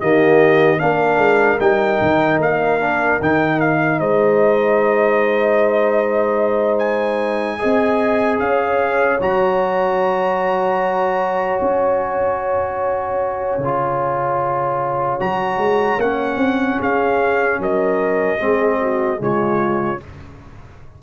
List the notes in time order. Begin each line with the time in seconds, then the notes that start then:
0.00 D#3 A#3 G4 D#5
0.78 A#3 D4 A#4 F5
1.18 G#3
1.60 G3 D#4 G5
2.01 D#3
2.38 A#3 F5
2.80 D4
3.21 D#3 D#4 G5
3.60 F5
3.98 G#3 C5 D#5
6.78 G#5
7.59 C4 G#4 D#5
8.39 C#4 C#5 F5
9.20 F#3 F#4 A#5
11.60 C#4 G#5
13.58 C#3 F4
15.20 F#3 F#4 A#5
15.57 G#3
15.98 A#3 C#4 F#5
16.36 C4
16.78 C#4 G#4 F5
17.59 F#3 A#4 D#5
18.38 G#3 C4 G#4
18.80 F#4
19.17 C#3 G#3 F4 C#5